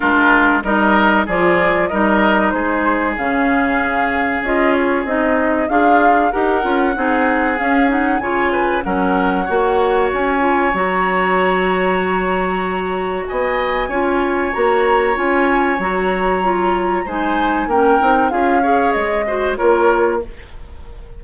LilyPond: <<
  \new Staff \with { instrumentName = "flute" } { \time 4/4 \tempo 4 = 95 ais'4 dis''4 d''4 dis''4 | c''4 f''2 dis''8 cis''8 | dis''4 f''4 fis''2 | f''8 fis''8 gis''4 fis''2 |
gis''4 ais''2.~ | ais''4 gis''2 ais''4 | gis''4 ais''2 gis''4 | g''4 f''4 dis''4 cis''4 | }
  \new Staff \with { instrumentName = "oboe" } { \time 4/4 f'4 ais'4 gis'4 ais'4 | gis'1~ | gis'4 f'4 ais'4 gis'4~ | gis'4 cis''8 b'8 ais'4 cis''4~ |
cis''1~ | cis''4 dis''4 cis''2~ | cis''2. c''4 | ais'4 gis'8 cis''4 c''8 ais'4 | }
  \new Staff \with { instrumentName = "clarinet" } { \time 4/4 d'4 dis'4 f'4 dis'4~ | dis'4 cis'2 f'4 | dis'4 gis'4 g'8 f'8 dis'4 | cis'8 dis'8 f'4 cis'4 fis'4~ |
fis'8 f'8 fis'2.~ | fis'2 f'4 fis'4 | f'4 fis'4 f'4 dis'4 | cis'8 dis'8 f'8 gis'4 fis'8 f'4 | }
  \new Staff \with { instrumentName = "bassoon" } { \time 4/4 gis4 g4 f4 g4 | gis4 cis2 cis'4 | c'4 d'4 dis'8 cis'8 c'4 | cis'4 cis4 fis4 ais4 |
cis'4 fis2.~ | fis4 b4 cis'4 ais4 | cis'4 fis2 gis4 | ais8 c'8 cis'4 gis4 ais4 | }
>>